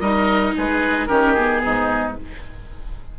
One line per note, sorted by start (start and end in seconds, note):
0.00 0.53 G3
0.00 1.09 D#4
0.00 0.54 A#4
0.00 0.53 D#5
0.57 1.09 G#3
0.57 1.08 G#4
0.57 1.07 B4
1.07 1.62 D#3
1.07 1.35 C#4
1.07 1.61 G4
1.07 1.33 A#4
1.34 2.17 B3
1.34 2.13 G#4
1.64 2.19 G#2
1.64 2.17 D#4